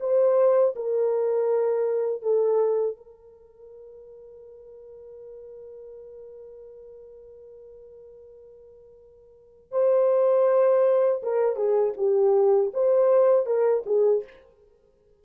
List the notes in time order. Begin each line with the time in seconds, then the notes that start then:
0.00 C5
0.76 A#4
2.22 A4
2.97 A#4
9.72 C5
11.23 A#4
11.56 G#4
11.97 G4
12.74 C5
13.46 A#4
13.86 G#4